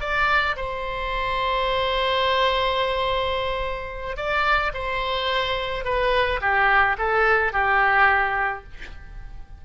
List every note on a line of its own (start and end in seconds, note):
0.00 0.56 D5
0.56 4.16 C5
4.16 4.72 D5
4.73 5.84 C5
5.84 6.40 B4
6.41 6.96 G4
6.98 7.53 A4
7.53 8.64 G4